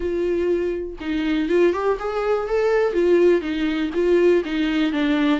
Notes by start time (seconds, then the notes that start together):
0.00 F4
1.00 D#4
1.49 F4
1.73 G4
1.99 G#4
2.47 A4
2.93 F4
3.41 D#4
3.93 F4
4.44 D#4
4.92 D4